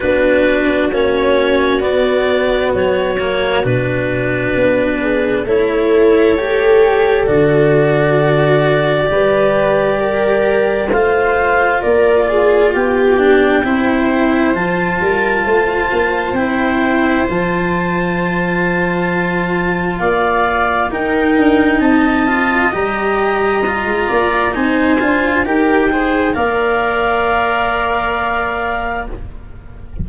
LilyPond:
<<
  \new Staff \with { instrumentName = "clarinet" } { \time 4/4 \tempo 4 = 66 b'4 cis''4 d''4 cis''4 | b'2 cis''2 | d''1 | f''4 d''4 g''2 |
a''2 g''4 a''4~ | a''2 f''4 g''4 | a''4 ais''2 gis''4 | g''4 f''2. | }
  \new Staff \with { instrumentName = "viola" } { \time 4/4 fis'1~ | fis'4. gis'8 a'2~ | a'2 b'4 ais'4 | c''4 ais'8 gis'8 g'4 c''4~ |
c''8 ais'8 c''2.~ | c''2 d''4 ais'4 | dis''2~ dis''8 d''8 c''4 | ais'8 c''8 d''2. | }
  \new Staff \with { instrumentName = "cello" } { \time 4/4 d'4 cis'4 b4. ais8 | d'2 e'4 g'4 | fis'2 g'2 | f'2~ f'8 d'8 e'4 |
f'2 e'4 f'4~ | f'2. dis'4~ | dis'8 f'8 g'4 f'4 dis'8 f'8 | g'8 gis'8 ais'2. | }
  \new Staff \with { instrumentName = "tuba" } { \time 4/4 b4 ais4 b4 fis4 | b,4 b4 a2 | d2 g2 | a4 ais4 b4 c'4 |
f8 g8 a8 ais8 c'4 f4~ | f2 ais4 dis'8 d'8 | c'4 g4~ g16 gis16 ais8 c'8 d'8 | dis'4 ais2. | }
>>